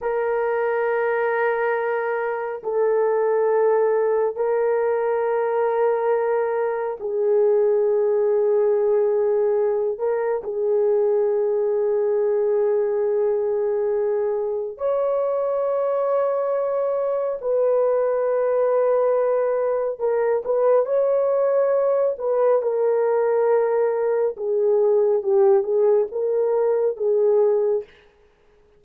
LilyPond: \new Staff \with { instrumentName = "horn" } { \time 4/4 \tempo 4 = 69 ais'2. a'4~ | a'4 ais'2. | gis'2.~ gis'8 ais'8 | gis'1~ |
gis'4 cis''2. | b'2. ais'8 b'8 | cis''4. b'8 ais'2 | gis'4 g'8 gis'8 ais'4 gis'4 | }